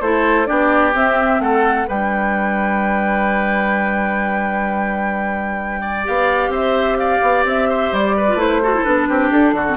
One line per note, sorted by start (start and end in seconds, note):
0.00 0.47 A3
0.00 0.46 E4
0.00 0.47 A4
0.00 0.46 C5
0.46 0.94 B3
0.46 0.92 D4
0.46 1.41 G4
0.46 0.93 D5
0.94 1.39 C4
0.94 1.87 C4
0.94 1.41 E5
1.39 1.86 A3
1.39 1.87 A4
1.39 1.88 F#5
1.87 6.07 G3
1.87 6.04 D4
1.87 5.81 B4
1.87 6.06 G5
5.81 6.50 D5
6.04 6.48 B3
6.04 8.25 G4
6.04 6.53 F5
6.48 7.18 C4
6.48 6.97 C5
6.48 6.97 E5
6.97 7.69 D5
6.97 7.44 F5
7.22 7.44 B3
7.44 7.91 C4
7.44 7.94 E5
7.69 8.16 C5
7.92 8.34 G3
7.92 8.40 D5
8.17 8.62 B4
8.28 8.81 A3
8.28 8.38 F4
8.38 8.61 E4
8.38 8.83 C5
8.62 8.74 F#4
8.62 9.08 A4
8.74 8.85 E4
8.83 9.09 B3
8.83 9.66 D4
8.83 9.29 B4
9.08 9.31 C4
9.08 9.55 G4
9.31 9.53 D4
9.31 9.77 A4
9.53 9.76 D3
9.53 9.77 F#4
9.68 9.77 C4